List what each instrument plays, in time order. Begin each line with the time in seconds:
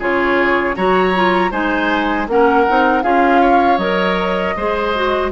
0.00 bassoon C#3, clarinet F4, oboe G#4, flute C#5
0.76 bassoon F#3, clarinet F#4, oboe C#5, flute A#5
1.15 clarinet F4
1.52 bassoon G#3, clarinet D#4, oboe C5, flute G#5
2.28 bassoon A#3, clarinet C#4, oboe A#4, flute F#5
2.68 bassoon C4, clarinet D#4
3.03 bassoon C#4, clarinet F4, oboe G#4, flute F5
3.42 oboe C#5
3.78 bassoon F#3, clarinet A#4, flute D#5
4.57 bassoon G#3, clarinet G#4, oboe C5
4.95 clarinet F#4